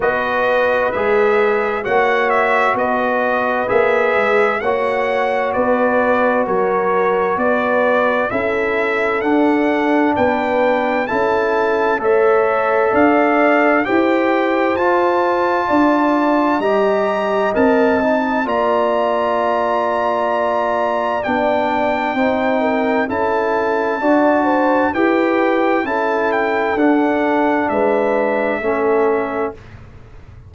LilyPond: <<
  \new Staff \with { instrumentName = "trumpet" } { \time 4/4 \tempo 4 = 65 dis''4 e''4 fis''8 e''8 dis''4 | e''4 fis''4 d''4 cis''4 | d''4 e''4 fis''4 g''4 | a''4 e''4 f''4 g''4 |
a''2 ais''4 a''4 | ais''2. g''4~ | g''4 a''2 g''4 | a''8 g''8 fis''4 e''2 | }
  \new Staff \with { instrumentName = "horn" } { \time 4/4 b'2 cis''4 b'4~ | b'4 cis''4 b'4 ais'4 | b'4 a'2 b'4 | a'4 cis''4 d''4 c''4~ |
c''4 d''4 dis''2 | d''1 | c''8 ais'8 a'4 d''8 c''8 b'4 | a'2 b'4 a'4 | }
  \new Staff \with { instrumentName = "trombone" } { \time 4/4 fis'4 gis'4 fis'2 | gis'4 fis'2.~ | fis'4 e'4 d'2 | e'4 a'2 g'4 |
f'2 g'4 ais'8 dis'8 | f'2. d'4 | dis'4 e'4 fis'4 g'4 | e'4 d'2 cis'4 | }
  \new Staff \with { instrumentName = "tuba" } { \time 4/4 b4 gis4 ais4 b4 | ais8 gis8 ais4 b4 fis4 | b4 cis'4 d'4 b4 | cis'4 a4 d'4 e'4 |
f'4 d'4 g4 c'4 | ais2. b4 | c'4 cis'4 d'4 e'4 | cis'4 d'4 gis4 a4 | }
>>